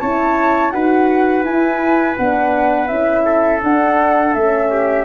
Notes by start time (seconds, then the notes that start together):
0.00 C#4 E4 C#5 A5
0.71 D#4 F#4 B4 F#5
1.43 E4 G#5
2.17 B3 D4 F#5
2.88 C#4 E4 E5
3.25 A4
3.63 D4 F#5
4.34 A3 C#4 E5
4.71 G4